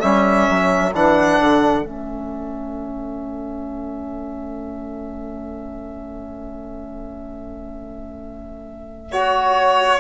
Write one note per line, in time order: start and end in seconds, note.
0.00 0.49 G3
0.00 0.93 C#4
0.00 10.00 A4
0.00 0.92 E5
0.49 0.94 F#3
0.93 1.39 E3
0.93 1.83 D4
0.93 1.86 F#5
1.41 1.83 D3
1.83 10.00 A3
1.83 9.10 C#4
1.83 9.12 E5
9.12 10.00 F#4
9.12 10.00 C#5